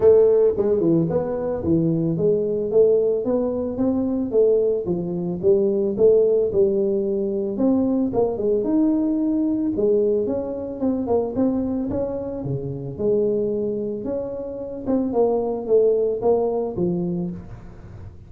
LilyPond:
\new Staff \with { instrumentName = "tuba" } { \time 4/4 \tempo 4 = 111 a4 gis8 e8 b4 e4 | gis4 a4 b4 c'4 | a4 f4 g4 a4 | g2 c'4 ais8 gis8 |
dis'2 gis4 cis'4 | c'8 ais8 c'4 cis'4 cis4 | gis2 cis'4. c'8 | ais4 a4 ais4 f4 | }